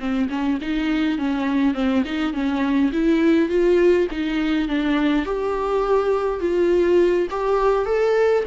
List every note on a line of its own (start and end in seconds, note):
0.00 0.29 C4
0.30 0.59 C#4
0.62 1.19 D#4
1.19 1.75 C#4
1.75 2.04 C4
2.05 2.34 D#4
2.34 2.92 C#4
2.93 3.50 E4
3.50 4.08 F4
4.12 4.69 D#4
4.69 5.26 D4
5.26 6.41 G4
6.41 7.28 F4
7.31 7.86 G4
7.86 8.44 A4